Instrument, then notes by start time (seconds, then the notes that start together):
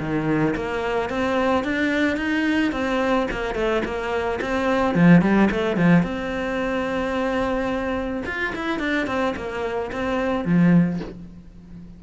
cello
0.00 D#3
0.56 A#3
1.10 C4
1.64 D4
2.17 D#4
2.72 C4
3.32 A#3
3.55 A3
3.85 A#3
4.41 C4
4.95 F3
5.22 G3
5.51 A3
5.77 F3
6.03 C4
8.26 F4
8.55 E4
8.80 D4
9.07 C4
9.37 A#3
9.92 C4
10.45 F3